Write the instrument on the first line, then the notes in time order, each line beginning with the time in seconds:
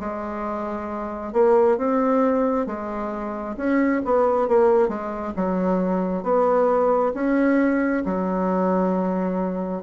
bassoon
0.00 G#3
1.33 A#3
1.77 C4
2.67 G#3
3.57 C#4
4.05 B3
4.49 A#3
4.88 G#3
5.36 F#3
6.23 B3
7.14 C#4
8.06 F#3